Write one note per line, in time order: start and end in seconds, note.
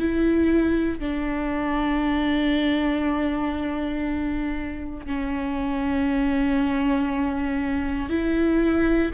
0.00 1.00 E4
1.00 5.07 D4
5.07 8.10 C#4
8.10 9.12 E4